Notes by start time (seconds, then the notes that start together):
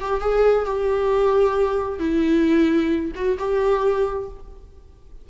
0.00 G4
0.20 G#4
0.65 G4
1.99 E4
3.15 F#4
3.39 G4